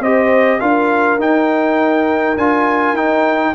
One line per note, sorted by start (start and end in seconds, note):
0.00 0.59 C4
0.00 0.60 G4
0.00 0.60 C5
0.00 0.60 D#5
0.60 1.18 D4
0.60 1.19 F4
0.60 3.55 A#4
0.60 1.19 F5
1.18 2.36 D#4
1.18 2.37 G5
2.36 2.92 D4
2.36 2.96 F4
2.36 2.96 G#5
2.92 3.51 D#4
2.92 3.55 D#4
2.92 3.55 G5